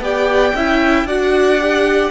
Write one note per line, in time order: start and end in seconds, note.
0.00 0.53 B3
0.00 0.54 G4
0.00 0.55 D5
0.00 1.07 G5
0.54 1.04 C#4
0.54 1.08 E4
0.54 1.06 E5
1.04 2.09 D4
1.04 1.60 F#4
1.04 2.11 D5
1.04 2.11 F#5
1.60 2.11 G4